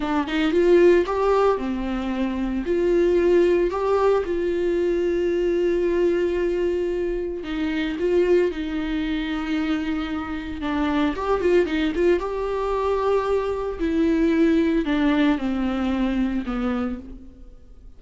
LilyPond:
\new Staff \with { instrumentName = "viola" } { \time 4/4 \tempo 4 = 113 d'8 dis'8 f'4 g'4 c'4~ | c'4 f'2 g'4 | f'1~ | f'2 dis'4 f'4 |
dis'1 | d'4 g'8 f'8 dis'8 f'8 g'4~ | g'2 e'2 | d'4 c'2 b4 | }